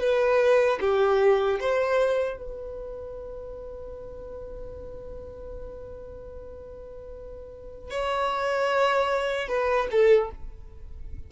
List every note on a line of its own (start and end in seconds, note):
0.00 0.79 B4
0.80 1.59 G4
1.60 2.37 C5
2.37 7.90 B4
7.90 9.48 C#5
9.48 9.87 B4
9.91 10.30 A4